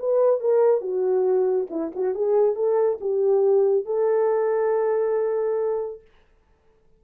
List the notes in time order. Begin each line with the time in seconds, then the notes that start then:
0.00 B4
0.41 A#4
0.82 F#4
1.71 E4
1.96 F#4
2.15 G#4
2.56 A4
3.01 G4
3.86 A4